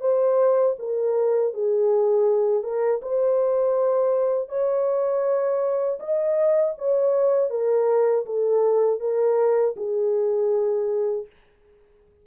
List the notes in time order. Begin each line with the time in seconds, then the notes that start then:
0.00 C5
0.78 A#4
1.53 G#4
2.63 A#4
3.02 C5
4.48 C#5
5.99 D#5
6.78 C#5
7.50 A#4
8.25 A4
8.99 A#4
9.76 G#4